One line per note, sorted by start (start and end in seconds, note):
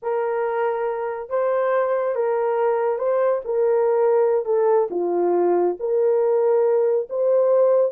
0.02 1.29 A#4
1.29 2.15 C5
2.15 2.98 A#4
2.98 3.41 C5
3.45 4.45 A#4
4.45 4.88 A4
4.90 5.76 F4
5.79 7.08 A#4
7.09 7.92 C5